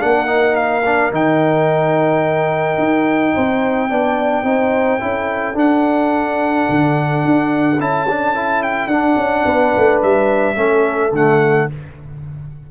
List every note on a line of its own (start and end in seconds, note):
0.00 1.11 A#3
0.00 0.26 D4
0.00 3.34 A#4
0.00 0.56 F#5
0.26 0.81 D#4
0.56 1.11 F5
0.85 1.12 D4
1.11 2.78 D#3
1.11 3.89 D#4
1.11 5.58 G5
2.78 3.34 D#4
3.34 3.91 C4
3.34 3.90 C5
3.90 4.43 B3
3.90 4.44 D4
3.90 4.46 D5
4.43 4.99 C4
4.43 5.00 D#4
4.43 5.03 C5
5.00 5.55 C#4
5.00 5.54 E4
5.00 9.45 A4
5.54 7.76 D4
5.54 6.66 D4
5.54 7.80 F#5
6.69 7.25 D3
7.25 7.80 D4
7.79 8.87 C#4
7.79 8.07 E4
7.79 8.63 A5
8.09 8.34 D4
8.34 8.90 E4
8.63 8.87 G5
8.87 9.15 D4
8.87 10.56 D4
8.87 9.99 F#5
9.17 9.44 C#4
9.45 9.73 B3
9.45 10.56 B4
9.77 10.03 A3
10.02 10.56 G3
10.02 11.14 E5
10.56 11.12 A3
10.56 11.11 C#4
10.56 11.68 A4
11.12 11.67 D3
11.12 11.70 A3
11.12 11.71 F#5